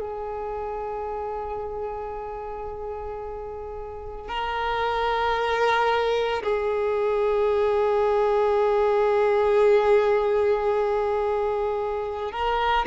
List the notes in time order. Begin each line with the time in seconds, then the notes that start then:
0.00 G#4
4.29 A#4
6.43 G#4
12.32 A#4